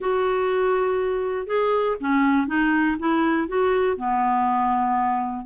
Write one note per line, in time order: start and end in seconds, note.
0.00 1.47 F#4
1.47 1.96 G#4
2.00 2.47 C#4
2.47 2.96 D#4
2.99 3.48 E4
3.48 3.97 F#4
3.97 5.45 B3